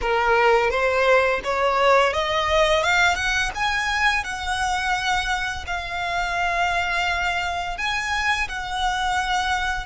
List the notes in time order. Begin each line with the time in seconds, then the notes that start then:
0.01 A#4
0.70 C5
1.44 C#5
2.13 D#5
2.83 F5
3.15 F#5
3.55 G#5
4.24 F#5
5.67 F5
7.77 G#5
8.48 F#5